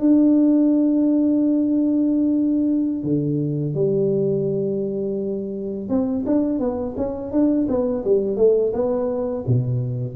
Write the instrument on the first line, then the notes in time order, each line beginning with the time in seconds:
tuba
0.00 D4
3.04 D3
3.75 G3
5.90 C4
6.27 D4
6.60 B3
6.97 C#4
7.32 D4
7.69 B3
8.05 G3
8.37 A3
8.73 B3
9.47 B2